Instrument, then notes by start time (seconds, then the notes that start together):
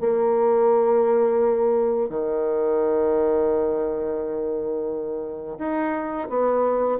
bassoon
0.00 A#3
2.09 D#3
5.59 D#4
6.29 B3